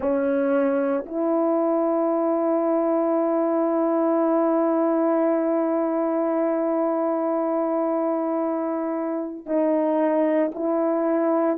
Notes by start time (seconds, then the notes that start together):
0.00 C#4
1.06 E4
9.45 D#4
10.54 E4